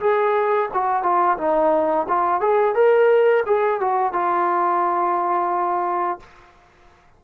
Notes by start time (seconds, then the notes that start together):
0.00 G#4
0.73 F#4
1.03 F4
1.37 D#4
2.08 F4
2.40 G#4
2.74 A#4
3.46 G#4
3.80 F#4
4.13 F4